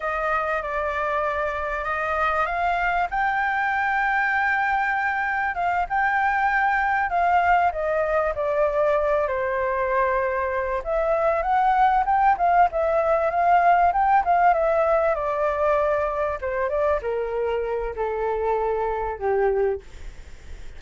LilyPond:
\new Staff \with { instrumentName = "flute" } { \time 4/4 \tempo 4 = 97 dis''4 d''2 dis''4 | f''4 g''2.~ | g''4 f''8 g''2 f''8~ | f''8 dis''4 d''4. c''4~ |
c''4. e''4 fis''4 g''8 | f''8 e''4 f''4 g''8 f''8 e''8~ | e''8 d''2 c''8 d''8 ais'8~ | ais'4 a'2 g'4 | }